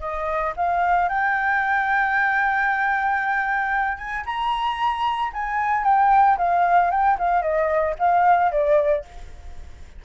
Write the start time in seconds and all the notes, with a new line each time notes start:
0.00 D#5
0.56 F5
1.09 G5
3.98 G#5
4.26 A#5
5.33 G#5
5.84 G5
6.38 F5
6.91 G5
7.19 F5
7.42 D#5
7.99 F5
8.52 D5